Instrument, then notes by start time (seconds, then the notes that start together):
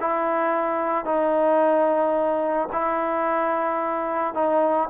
trombone
0.00 E4
1.05 D#4
2.72 E4
4.34 D#4